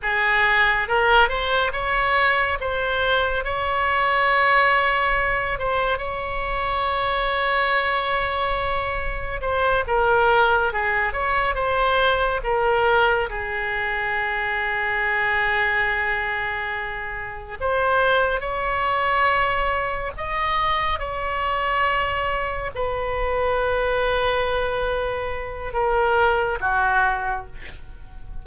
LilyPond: \new Staff \with { instrumentName = "oboe" } { \time 4/4 \tempo 4 = 70 gis'4 ais'8 c''8 cis''4 c''4 | cis''2~ cis''8 c''8 cis''4~ | cis''2. c''8 ais'8~ | ais'8 gis'8 cis''8 c''4 ais'4 gis'8~ |
gis'1~ | gis'8 c''4 cis''2 dis''8~ | dis''8 cis''2 b'4.~ | b'2 ais'4 fis'4 | }